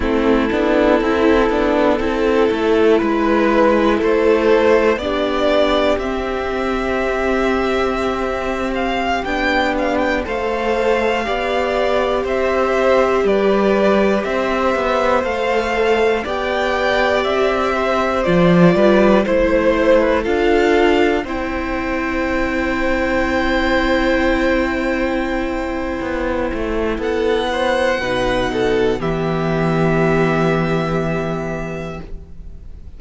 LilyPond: <<
  \new Staff \with { instrumentName = "violin" } { \time 4/4 \tempo 4 = 60 a'2. b'4 | c''4 d''4 e''2~ | e''8. f''8 g''8 f''16 g''16 f''4.~ f''16~ | f''16 e''4 d''4 e''4 f''8.~ |
f''16 g''4 e''4 d''4 c''8.~ | c''16 f''4 g''2~ g''8.~ | g''2. fis''4~ | fis''4 e''2. | }
  \new Staff \with { instrumentName = "violin" } { \time 4/4 e'2 a'4 b'4 | a'4 g'2.~ | g'2~ g'16 c''4 d''8.~ | d''16 c''4 b'4 c''4.~ c''16~ |
c''16 d''4. c''4 b'8 c''8. | b'16 a'4 c''2~ c''8.~ | c''2. a'8 c''8 | b'8 a'8 g'2. | }
  \new Staff \with { instrumentName = "viola" } { \time 4/4 c'8 d'8 e'8 d'8 e'2~ | e'4 d'4 c'2~ | c'4~ c'16 d'4 a'4 g'8.~ | g'2.~ g'16 a'8.~ |
a'16 g'2 f'4 e'8.~ | e'16 f'4 e'2~ e'8.~ | e'1 | dis'4 b2. | }
  \new Staff \with { instrumentName = "cello" } { \time 4/4 a8 b8 c'8 b8 c'8 a8 gis4 | a4 b4 c'2~ | c'4~ c'16 b4 a4 b8.~ | b16 c'4 g4 c'8 b8 a8.~ |
a16 b4 c'4 f8 g8 a8.~ | a16 d'4 c'2~ c'8.~ | c'2 b8 a8 b4 | b,4 e2. | }
>>